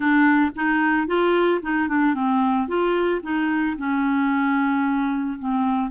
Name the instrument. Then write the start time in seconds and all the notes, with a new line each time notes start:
clarinet
0.00 D4
0.55 D#4
1.07 F4
1.62 D#4
1.88 D4
2.14 C4
2.67 F4
3.23 D#4
3.78 C#4
5.39 C4